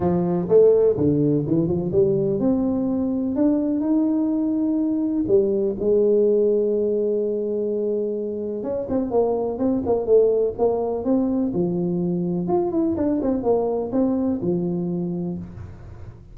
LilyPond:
\new Staff \with { instrumentName = "tuba" } { \time 4/4 \tempo 4 = 125 f4 a4 d4 e8 f8 | g4 c'2 d'4 | dis'2. g4 | gis1~ |
gis2 cis'8 c'8 ais4 | c'8 ais8 a4 ais4 c'4 | f2 f'8 e'8 d'8 c'8 | ais4 c'4 f2 | }